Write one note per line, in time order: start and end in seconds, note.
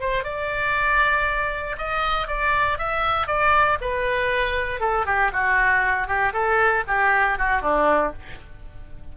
0.00 0.24 C5
0.24 1.76 D5
1.78 2.27 D#5
2.27 2.78 D5
2.78 3.27 E5
3.27 3.78 D5
3.81 4.80 B4
4.80 5.05 A4
5.06 5.31 G4
5.33 6.07 F#4
6.07 6.33 G4
6.33 6.84 A4
6.87 7.38 G4
7.38 7.62 F#4
7.62 8.13 D4